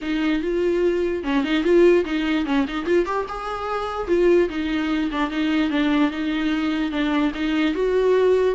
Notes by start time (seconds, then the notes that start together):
0.01 D#4
0.42 F4
1.23 C#4
1.44 D#4
1.63 F4
2.04 D#4
2.45 C#4
2.67 D#4
2.85 F4
3.05 G4
3.28 G#4
4.07 F4
4.49 D#4
5.11 D4
5.30 D#4
5.70 D4
6.11 D#4
6.91 D4
7.34 D#4
7.74 F#4